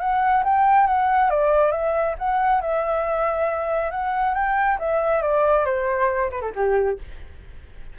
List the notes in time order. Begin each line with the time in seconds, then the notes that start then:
0.00 F#5
0.44 G5
0.87 F#5
1.30 D5
1.72 E5
2.19 F#5
2.61 E5
3.91 F#5
4.35 G5
4.79 E5
5.22 D5
5.65 C5
6.31 B4
6.42 A4
6.55 G4